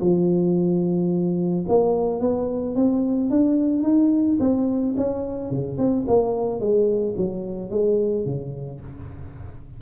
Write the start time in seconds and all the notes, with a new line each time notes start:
0.00 F3
1.68 A#3
2.20 B3
2.75 C4
3.30 D4
3.83 D#4
4.40 C4
4.97 C#4
5.50 C#3
5.78 C4
6.08 A#3
6.60 G#3
7.17 F#3
7.70 G#3
8.25 C#3